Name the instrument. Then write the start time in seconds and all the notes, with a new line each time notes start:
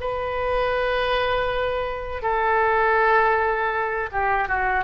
oboe
0.00 B4
2.22 A4
4.12 G4
4.48 F#4